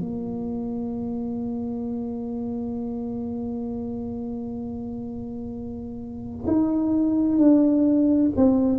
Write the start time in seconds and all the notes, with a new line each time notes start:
0.00 A#3
6.47 D#4
7.39 D4
8.36 C4